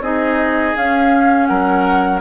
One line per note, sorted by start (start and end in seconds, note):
0.00 0.73 C4
0.00 0.75 D#4
0.00 1.48 G#4
0.00 0.76 D#5
0.75 2.21 C#4
0.75 1.49 C#4
0.75 1.46 F5
1.46 2.21 F#3
1.46 2.21 A#4
1.46 2.19 F#5